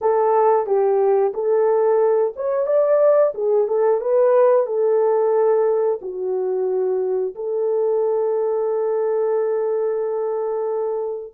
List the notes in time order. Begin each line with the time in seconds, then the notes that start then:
0.01 A4
0.66 G4
1.33 A4
2.35 C#5
2.66 D5
3.34 G#4
3.67 A4
4.00 B4
4.66 A4
6.01 F#4
7.35 A4